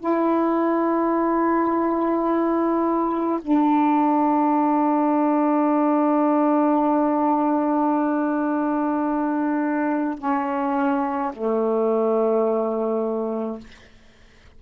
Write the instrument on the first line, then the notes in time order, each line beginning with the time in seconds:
saxophone
0.00 E4
3.42 D4
10.19 C#4
11.33 A3